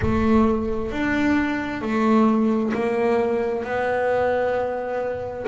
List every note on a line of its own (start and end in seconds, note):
0.01 0.91 A3
0.91 1.81 D4
1.81 2.72 A3
2.73 3.64 A#3
3.64 5.45 B3